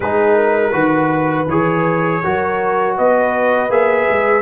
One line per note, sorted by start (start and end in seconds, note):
0.00 0.73 G#3
0.00 0.72 D#4
0.00 0.35 G#4
0.00 1.48 B4
0.35 0.71 A#4
0.71 1.47 D#3
0.71 1.46 F#4
0.71 2.20 B4
1.48 2.22 E3
1.48 2.23 G#4
1.48 2.96 C#5
2.23 2.98 F#3
2.23 3.70 F#4
2.23 2.97 A#4
2.97 3.69 B3
2.97 4.42 B4
2.97 3.71 D#5
3.69 4.06 A#3
3.69 4.42 G#4
3.69 4.42 E5
4.10 4.42 G#3